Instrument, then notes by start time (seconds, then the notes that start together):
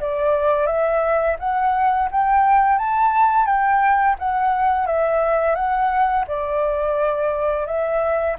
flute
0.00 D5
0.67 E5
1.39 F#5
2.11 G5
2.78 A5
3.46 G5
4.19 F#5
4.86 E5
5.55 F#5
6.28 D5
7.66 E5